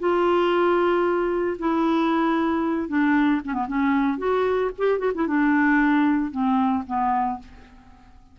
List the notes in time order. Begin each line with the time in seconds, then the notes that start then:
0.00 F4
1.59 E4
2.89 D4
3.45 C#4
3.54 B3
3.68 C#4
4.19 F#4
4.78 G4
5.00 F#4
5.15 E4
5.28 D4
6.32 C4
6.87 B3